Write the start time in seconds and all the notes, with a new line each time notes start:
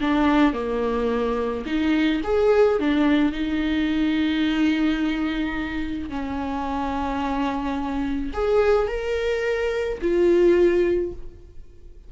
0.00 D4
0.53 A#3
1.65 D#4
2.23 G#4
2.79 D4
3.32 D#4
6.09 C#4
8.33 G#4
8.87 A#4
10.01 F4